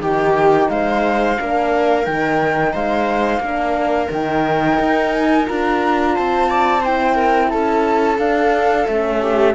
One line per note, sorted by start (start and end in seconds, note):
0.00 0.68 D#3
0.00 1.37 D#4
0.00 0.70 G4
0.00 0.70 G5
0.70 1.38 G#3
0.70 1.40 C5
0.70 2.06 F5
1.39 2.07 A#3
1.39 2.05 D4
1.39 2.73 A#4
2.05 2.75 D#3
2.05 3.42 D#4
2.05 2.74 G5
2.73 3.39 G#3
2.73 3.41 C5
2.73 4.11 F5
3.39 4.08 A#3
3.39 4.10 D4
3.39 6.15 A#4
4.10 4.79 D#3
4.10 5.45 D#4
4.10 5.12 G5
4.80 5.48 D#4
5.12 5.47 G#5
5.45 6.18 D4
5.45 6.81 F4
5.45 6.16 A#5
6.15 7.53 C4
6.15 6.49 C5
6.15 6.84 A5
6.49 6.81 D5
6.81 8.18 E4
6.81 7.15 C5
6.81 7.50 G5
7.15 7.49 A#4
7.50 8.18 C#4
7.50 9.21 A4
7.50 8.18 A5
8.18 8.87 D4
8.18 8.87 F5
8.87 9.55 A3
8.87 9.55 C#4
8.87 9.55 E5
9.22 9.55 G4